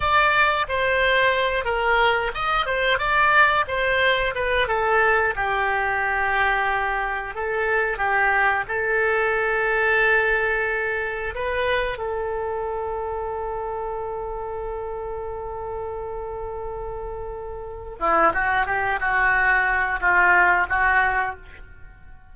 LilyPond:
\new Staff \with { instrumentName = "oboe" } { \time 4/4 \tempo 4 = 90 d''4 c''4. ais'4 dis''8 | c''8 d''4 c''4 b'8 a'4 | g'2. a'4 | g'4 a'2.~ |
a'4 b'4 a'2~ | a'1~ | a'2. e'8 fis'8 | g'8 fis'4. f'4 fis'4 | }